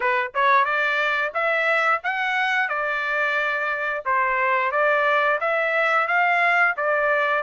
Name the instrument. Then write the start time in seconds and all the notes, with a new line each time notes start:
trumpet
0.00 B4
0.34 C#5
0.64 D5
1.34 E5
2.03 F#5
2.68 D5
4.04 C5
4.71 D5
5.40 E5
6.07 F5
6.77 D5